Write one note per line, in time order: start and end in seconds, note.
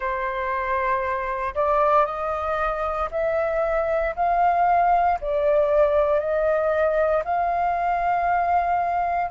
0.00 1.54 C5
1.55 2.05 D5
2.05 3.08 D#5
3.11 4.14 E5
4.15 5.19 F5
5.20 6.19 D5
6.19 7.23 D#5
7.24 9.31 F5